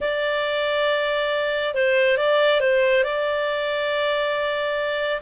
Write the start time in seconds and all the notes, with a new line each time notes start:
0.00 D5
1.74 C5
2.17 D5
2.60 C5
3.03 D5